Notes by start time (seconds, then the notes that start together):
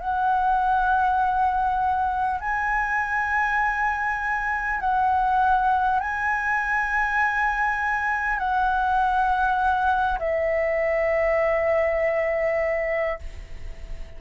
0.00 F#5
2.41 G#5
4.81 F#5
6.00 G#5
8.38 F#5
10.19 E5